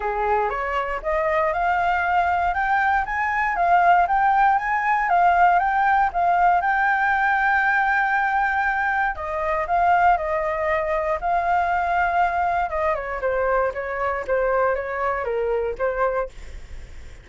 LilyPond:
\new Staff \with { instrumentName = "flute" } { \time 4/4 \tempo 4 = 118 gis'4 cis''4 dis''4 f''4~ | f''4 g''4 gis''4 f''4 | g''4 gis''4 f''4 g''4 | f''4 g''2.~ |
g''2 dis''4 f''4 | dis''2 f''2~ | f''4 dis''8 cis''8 c''4 cis''4 | c''4 cis''4 ais'4 c''4 | }